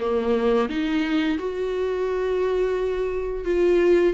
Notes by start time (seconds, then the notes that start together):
0.00 A#3
0.69 D#4
1.39 F#4
3.45 F4